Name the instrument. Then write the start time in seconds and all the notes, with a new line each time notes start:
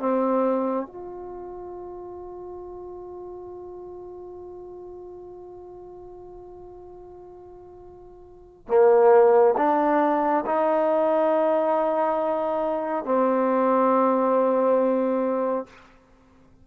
trombone
0.00 C4
0.87 F4
8.68 A#3
9.58 D4
10.46 D#4
13.06 C4